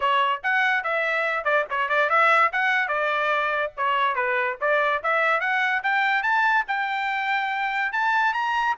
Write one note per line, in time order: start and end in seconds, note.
0.00 0.41 C#5
0.43 0.83 F#5
0.83 1.44 E5
1.44 1.65 D5
1.70 1.88 C#5
1.88 2.09 D5
2.09 2.51 E5
2.52 2.88 F#5
2.88 3.71 D5
3.76 4.15 C#5
4.15 4.57 B4
4.60 5.02 D5
5.03 5.40 E5
5.40 5.82 F#5
5.83 6.22 G5
6.22 6.64 A5
6.67 7.92 G5
7.92 8.33 A5
8.33 8.75 A#5